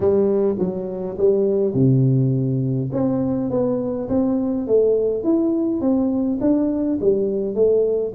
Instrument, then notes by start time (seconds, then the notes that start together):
tuba
0.00 G3
0.58 F#3
1.17 G3
1.73 C3
2.92 C4
3.50 B3
4.08 C4
4.67 A3
5.23 E4
5.80 C4
6.40 D4
7.00 G3
7.54 A3